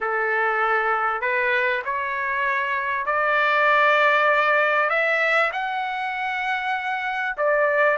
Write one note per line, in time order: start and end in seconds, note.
0.00 1.21 A4
1.21 1.82 B4
1.85 3.06 C#5
3.06 4.89 D5
4.89 5.50 E5
5.52 7.36 F#5
7.37 7.97 D5